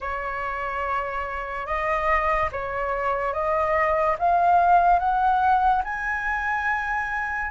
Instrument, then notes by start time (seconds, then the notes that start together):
flute
0.00 C#5
1.66 D#5
2.52 C#5
3.33 D#5
4.18 F5
4.98 F#5
5.84 G#5